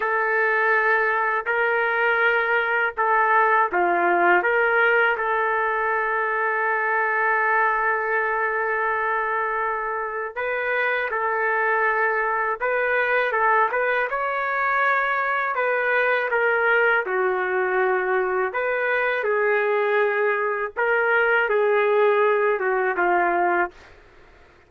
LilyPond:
\new Staff \with { instrumentName = "trumpet" } { \time 4/4 \tempo 4 = 81 a'2 ais'2 | a'4 f'4 ais'4 a'4~ | a'1~ | a'2 b'4 a'4~ |
a'4 b'4 a'8 b'8 cis''4~ | cis''4 b'4 ais'4 fis'4~ | fis'4 b'4 gis'2 | ais'4 gis'4. fis'8 f'4 | }